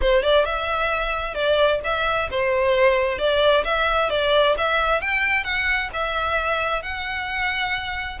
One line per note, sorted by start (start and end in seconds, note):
0.01 0.22 C5
0.22 0.45 D5
0.45 1.34 E5
1.34 1.80 D5
1.84 2.29 E5
2.30 3.18 C5
3.18 3.63 D5
3.64 4.10 E5
4.10 4.55 D5
4.57 5.01 E5
5.01 5.44 G5
5.44 5.89 F#5
5.93 6.82 E5
6.82 8.18 F#5